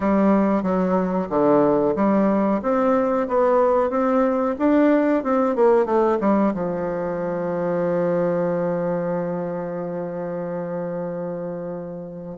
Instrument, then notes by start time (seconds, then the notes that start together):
bassoon
0.00 G3
0.63 F#3
1.29 D3
1.95 G3
2.62 C4
3.28 B3
3.90 C4
4.59 D4
5.23 C4
5.55 A#3
5.85 A3
6.20 G3
6.54 F3